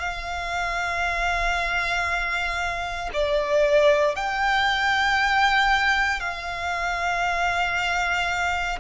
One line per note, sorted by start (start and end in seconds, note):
0.00 3.10 F5
3.14 4.16 D5
4.16 6.20 G5
6.20 8.79 F5